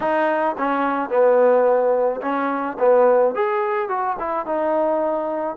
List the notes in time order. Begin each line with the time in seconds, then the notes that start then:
0.00 D#4
0.58 C#4
1.09 B3
2.21 C#4
2.79 B3
3.34 G#4
3.88 F#4
4.19 E4
4.46 D#4